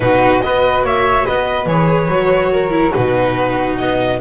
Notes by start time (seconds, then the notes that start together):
0.00 B2 D#4 F#4 B4
0.40 B3 F#4 B4 D#5
0.83 A#3 C#5 E5
1.25 B3 B4 D#5
1.65 E3 G#4 C#5
2.08 F#3 F#4
2.52 A#4
2.69 E4
2.92 B2 D#4 F#4 B4
3.77 B3 D#5